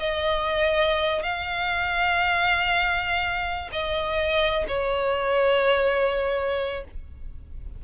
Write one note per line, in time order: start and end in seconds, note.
0.00 1.23 D#5
1.23 3.71 F5
3.73 4.65 D#5
4.68 6.85 C#5